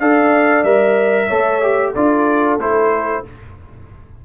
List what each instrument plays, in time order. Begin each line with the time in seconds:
0.00 tuba D4, trombone A4, horn D5, trumpet F5
0.64 tuba G3, trombone A#4, trumpet E5
1.27 tuba A3, trombone A4, horn C#5
1.62 trombone G4
1.93 tuba D4, trombone F4, horn A4, trumpet D5
2.59 tuba A3, trombone E4, trumpet C5